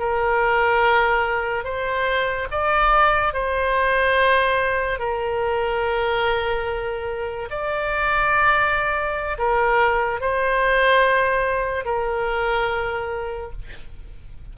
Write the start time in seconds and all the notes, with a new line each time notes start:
0.00 A#4
1.65 C5
2.52 D5
3.34 C5
5.00 A#4
7.50 D5
9.39 A#4
10.21 C5
11.86 A#4